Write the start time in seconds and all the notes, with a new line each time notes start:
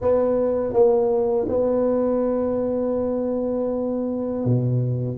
0.01 B3
0.73 A#3
1.48 B3
4.44 B2